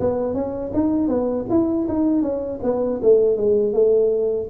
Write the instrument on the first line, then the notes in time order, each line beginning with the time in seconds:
tuba
0.00 B3
0.34 C#4
0.74 D#4
1.08 B3
1.50 E4
1.89 D#4
2.22 C#4
2.63 B3
3.03 A3
3.37 G#3
3.73 A3